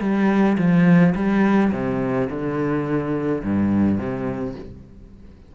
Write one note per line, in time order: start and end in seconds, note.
0.00 0.57 G3
0.57 1.14 F3
1.15 1.71 G3
1.72 2.28 C3
2.29 3.42 D3
3.43 3.98 G2
3.98 4.55 C3